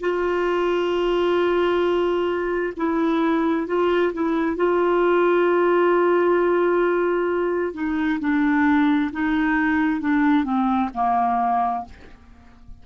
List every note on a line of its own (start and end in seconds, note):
0.00 2.73 F4
2.76 3.67 E4
3.67 4.12 F4
4.13 4.56 E4
4.56 7.73 F4
7.73 8.19 D#4
8.19 9.10 D4
9.12 10.00 D#4
10.00 10.44 D4
10.44 10.89 C4
10.93 11.84 A#3